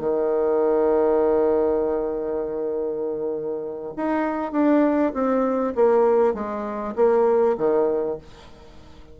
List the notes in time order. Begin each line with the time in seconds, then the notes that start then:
0.00 D#3
3.97 D#4
4.52 D4
5.14 C4
5.76 A#3
6.34 G#3
6.96 A#3
7.58 D#3